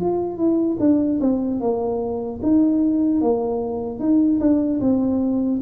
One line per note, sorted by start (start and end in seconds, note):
0.00 0.37 F4
0.37 0.77 E4
0.79 1.19 D4
1.20 1.60 C4
1.60 2.40 A#3
2.43 3.21 D#4
3.21 3.99 A#3
3.99 4.39 D#4
4.40 4.80 D4
4.80 5.60 C4